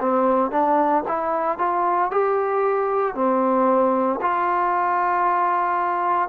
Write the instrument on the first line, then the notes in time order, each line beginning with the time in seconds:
trombone
0.00 C4
0.51 D4
1.08 E4
1.58 F4
2.11 G4
3.15 C4
4.22 F4